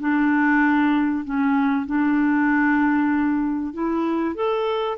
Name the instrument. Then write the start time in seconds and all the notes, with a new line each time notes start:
clarinet
0.00 D4
1.25 C#4
1.87 D4
3.74 E4
4.35 A4